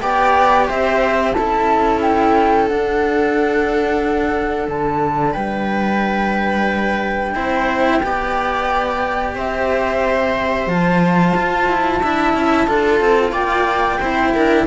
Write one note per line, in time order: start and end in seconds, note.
0.00 0.69 B3
0.00 1.35 G4
0.00 0.68 D5
0.00 0.67 G5
0.68 1.37 C4
0.68 1.35 C5
0.68 1.33 E5
1.33 2.71 C#4
1.33 2.68 E4
1.33 5.33 A4
1.33 2.00 A5
2.02 2.68 G5
2.68 7.35 D4
2.68 4.69 D4
2.68 4.68 F#5
4.69 5.35 D3
4.69 5.34 A5
5.33 7.35 G3
5.33 7.33 B4
5.33 9.34 G5
7.35 8.02 C4
7.35 8.01 E4
7.35 8.02 C5
8.03 9.35 B3
8.03 10.69 G4
8.03 9.36 D5
9.35 10.67 C4
9.35 12.02 C5
9.35 10.69 E5
10.67 11.33 F3
10.67 12.02 F4
10.67 13.33 A5
11.36 11.68 F4
11.68 12.02 E4
12.02 12.34 D4
12.02 12.67 E4
12.02 12.67 E5
12.34 12.67 C#4
12.67 13.00 D4
12.67 14.00 F4
12.67 13.32 A4
13.00 13.32 C4
13.32 13.99 A#3
13.32 13.98 D5
13.32 14.66 G5
14.00 14.34 C4
14.00 14.67 E4
14.00 14.34 C5
14.34 14.67 D4
14.34 14.67 A#4